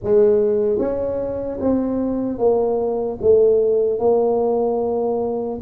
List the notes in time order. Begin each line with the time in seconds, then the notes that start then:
0.03 G#3
0.78 C#4
1.60 C4
2.38 A#3
3.21 A3
3.99 A#3